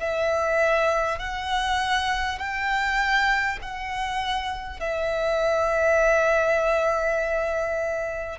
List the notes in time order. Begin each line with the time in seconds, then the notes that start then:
0.00 E5
1.19 F#5
2.39 G5
3.62 F#5
4.80 E5